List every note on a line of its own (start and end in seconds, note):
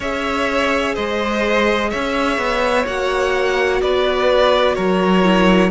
0.00 0.95 C#4
0.00 2.86 G#4
0.00 0.94 C#5
0.00 0.95 E5
0.94 1.92 G#3
0.94 1.89 C5
0.94 1.90 D#5
1.90 2.37 C#4
1.90 3.81 C#5
1.90 2.85 E5
2.37 2.85 B3
2.86 3.81 A#3
2.86 5.23 F#4
2.86 3.81 F#5
3.81 4.77 B3
3.81 4.75 B4
3.81 4.74 D5
4.74 5.71 F#3
4.74 5.70 A#4
4.74 5.69 C#5
5.23 5.71 E4